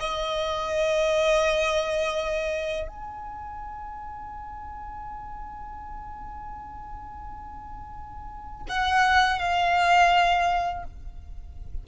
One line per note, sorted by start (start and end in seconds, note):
0.00 2.88 D#5
2.88 8.66 G#5
8.69 9.39 F#5
9.39 10.84 F5